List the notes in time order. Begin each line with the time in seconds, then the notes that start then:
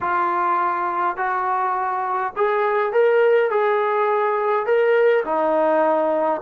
0.00 F4
1.16 F#4
2.36 G#4
2.92 A#4
3.50 G#4
4.65 A#4
5.24 D#4